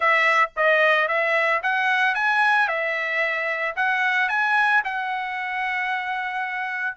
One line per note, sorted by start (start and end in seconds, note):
0.00 0.50 E5
0.56 1.08 D#5
1.08 1.61 E5
1.62 2.15 F#5
2.15 2.67 G#5
2.67 3.75 E5
3.76 4.28 F#5
4.28 4.82 G#5
4.84 6.96 F#5